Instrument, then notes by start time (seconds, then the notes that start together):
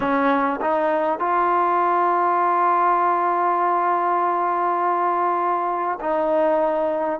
trombone
0.00 C#4
0.61 D#4
1.19 F4
6.00 D#4